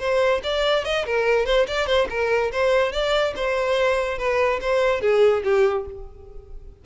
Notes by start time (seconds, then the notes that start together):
0.00 C5
0.44 D5
0.85 D#5
1.06 A#4
1.46 C5
1.68 D5
1.87 C5
2.10 A#4
2.52 C5
2.93 D5
3.36 C5
4.19 B4
4.62 C5
5.02 G#4
5.45 G4